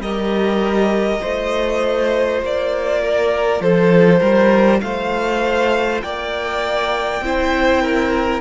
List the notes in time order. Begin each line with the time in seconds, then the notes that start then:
0.00 G3 G4 A#4 D#5
1.20 A3 F4 C5
2.42 A#3 D5
3.03 A#4
3.60 F3 A4 C5
4.20 G3 A#4
4.81 A3 C5 F5
6.02 A#3 D5 G5
7.21 C4 E4 C5
7.82 A#4